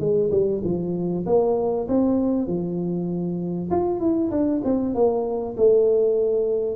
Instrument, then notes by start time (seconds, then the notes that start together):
tuba
0.00 G#3
0.31 G3
0.64 F3
1.27 A#3
1.88 C4
2.48 F3
3.71 F4
4.00 E4
4.31 D4
4.65 C4
4.95 A#3
5.57 A3